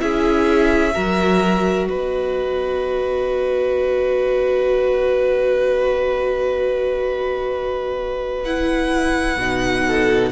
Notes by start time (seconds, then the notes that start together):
0.00 C#4 E4 G#4 E5
0.94 F#3 F#4 A#4
1.88 B3 B4 D#5
8.45 E4 F#5
9.37 B2 D#4
9.87 A4